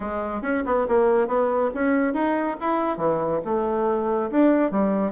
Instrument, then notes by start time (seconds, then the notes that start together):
bassoon
0.00 G#3
0.42 C#4
0.65 B3
0.87 A#3
1.27 B3
1.74 C#4
2.13 D#4
2.60 E4
2.97 E3
3.44 A3
4.31 D4
4.71 G3